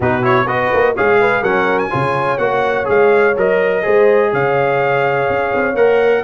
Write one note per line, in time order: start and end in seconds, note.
0.00 0.45 B2
0.00 0.22 D#4
0.00 0.46 F#4
0.00 0.24 B4
0.22 0.46 E4
0.22 0.47 C#5
0.45 0.69 B3
0.45 0.95 F#4
0.45 0.94 B4
0.45 0.95 D#5
0.73 0.97 A#3
0.95 1.42 G#3
0.95 1.44 G#4
0.95 1.19 C#5
0.95 1.43 F5
1.20 1.41 B4
1.41 1.90 F#3
1.41 1.90 C#4
1.41 1.89 A#4
1.41 1.78 F#5
1.78 2.38 G#5
1.90 2.38 C#3
1.90 2.38 F4
1.90 3.82 C#5
2.38 2.85 A#3
2.38 2.84 F#4
2.38 2.86 F#5
2.84 3.37 G#3
2.84 3.32 G#4
2.84 3.37 F5
3.37 3.85 F#3
3.37 3.82 A#4
3.37 4.33 D#5
3.82 4.32 G#3
3.82 5.74 G#4
3.82 4.30 C5
4.32 5.28 C#3
4.32 6.23 C#5
4.32 5.76 F5
5.29 5.53 C#4
5.54 5.74 C4
5.74 6.22 A#3
5.74 6.23 A#4
5.74 6.23 F#5